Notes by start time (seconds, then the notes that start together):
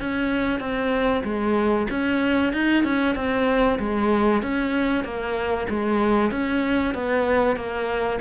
0.00 C#4
0.60 C4
1.24 G#3
1.90 C#4
2.53 D#4
2.84 C#4
3.16 C4
3.79 G#3
4.42 C#4
5.04 A#3
5.70 G#3
6.31 C#4
6.94 B3
7.56 A#3